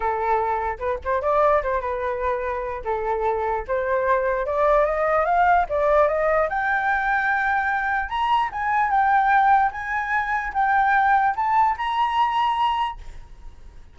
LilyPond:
\new Staff \with { instrumentName = "flute" } { \time 4/4 \tempo 4 = 148 a'2 b'8 c''8 d''4 | c''8 b'2~ b'8 a'4~ | a'4 c''2 d''4 | dis''4 f''4 d''4 dis''4 |
g''1 | ais''4 gis''4 g''2 | gis''2 g''2 | a''4 ais''2. | }